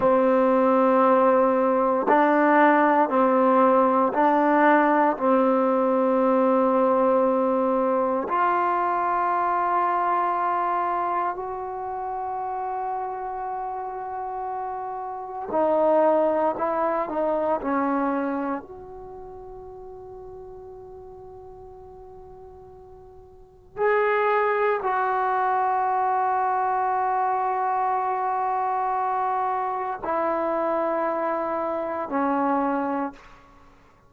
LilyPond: \new Staff \with { instrumentName = "trombone" } { \time 4/4 \tempo 4 = 58 c'2 d'4 c'4 | d'4 c'2. | f'2. fis'4~ | fis'2. dis'4 |
e'8 dis'8 cis'4 fis'2~ | fis'2. gis'4 | fis'1~ | fis'4 e'2 cis'4 | }